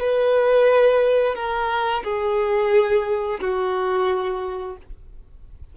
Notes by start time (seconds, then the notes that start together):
0.00 B4
1.35 A#4
2.04 G#4
3.40 F#4